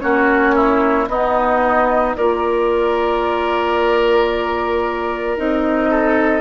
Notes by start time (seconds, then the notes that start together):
0.00 A#3 C#4 F#4 C#5
0.56 E4
1.08 B3 D#4 D#5
2.16 A#3 F4 A#4 D5
5.37 C4 D#4 D#5
5.90 A4